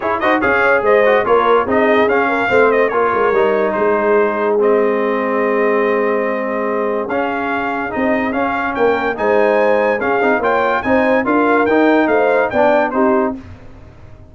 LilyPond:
<<
  \new Staff \with { instrumentName = "trumpet" } { \time 4/4 \tempo 4 = 144 cis''8 dis''8 f''4 dis''4 cis''4 | dis''4 f''4. dis''8 cis''4~ | cis''4 c''2 dis''4~ | dis''1~ |
dis''4 f''2 dis''4 | f''4 g''4 gis''2 | f''4 g''4 gis''4 f''4 | g''4 f''4 g''4 c''4 | }
  \new Staff \with { instrumentName = "horn" } { \time 4/4 gis'8 c''8 cis''4 c''4 ais'4 | gis'4. ais'8 c''4 ais'4~ | ais'4 gis'2.~ | gis'1~ |
gis'1~ | gis'4 ais'4 c''2 | gis'4 cis''4 c''4 ais'4~ | ais'4 c''4 d''4 g'4 | }
  \new Staff \with { instrumentName = "trombone" } { \time 4/4 e'8 fis'8 gis'4. fis'8 f'4 | dis'4 cis'4 c'4 f'4 | dis'2. c'4~ | c'1~ |
c'4 cis'2 dis'4 | cis'2 dis'2 | cis'8 dis'8 f'4 dis'4 f'4 | dis'2 d'4 dis'4 | }
  \new Staff \with { instrumentName = "tuba" } { \time 4/4 e'8 dis'8 cis'4 gis4 ais4 | c'4 cis'4 a4 ais8 gis8 | g4 gis2.~ | gis1~ |
gis4 cis'2 c'4 | cis'4 ais4 gis2 | cis'8 c'8 ais4 c'4 d'4 | dis'4 a4 b4 c'4 | }
>>